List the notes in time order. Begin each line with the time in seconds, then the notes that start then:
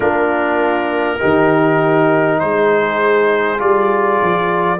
0.00 A#3 D4 F4 A#4
1.19 D#3 D#4 G4
2.39 G#3 G#4 C5
3.58 G3 F4 D5
4.22 F3